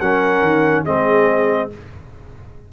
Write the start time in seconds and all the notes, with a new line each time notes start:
0.00 F#3 C#4 A#4 F#5
0.42 D#3
0.85 G#3 C4 G#4 D#5